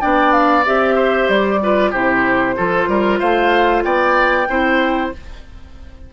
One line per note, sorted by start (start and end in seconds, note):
0.00 0.67 B3
0.00 0.64 D4
0.00 0.96 D5
0.00 0.32 G5
0.32 0.64 F5
0.65 1.29 C4
0.65 1.61 G4
0.65 1.29 E5
0.96 1.60 C5
1.29 1.93 G3
1.29 1.93 D5
1.62 1.94 F4
1.62 1.91 B4
1.91 2.57 C3
1.91 2.57 E4
1.91 2.55 G4
1.91 3.20 C5
2.57 2.88 F3
2.57 4.48 F4
2.57 2.89 A4
2.88 3.20 G3
2.88 3.20 A#4
3.20 3.85 A3
3.20 3.84 C5
3.20 3.83 F5
3.84 4.48 B3
3.84 4.49 D5
3.84 5.12 G5
4.49 5.13 C4
4.49 5.13 E4
4.49 5.13 C5